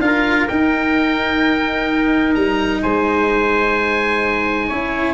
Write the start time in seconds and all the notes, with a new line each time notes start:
0.00 D4 F4 A#4 F5
0.48 D#4 G5
2.35 G3 A#5
2.83 G#3 C5 G#5
4.68 C#4 E4 C#5